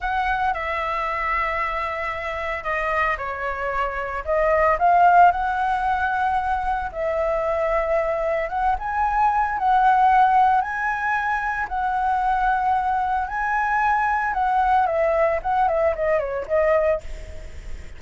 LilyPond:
\new Staff \with { instrumentName = "flute" } { \time 4/4 \tempo 4 = 113 fis''4 e''2.~ | e''4 dis''4 cis''2 | dis''4 f''4 fis''2~ | fis''4 e''2. |
fis''8 gis''4. fis''2 | gis''2 fis''2~ | fis''4 gis''2 fis''4 | e''4 fis''8 e''8 dis''8 cis''8 dis''4 | }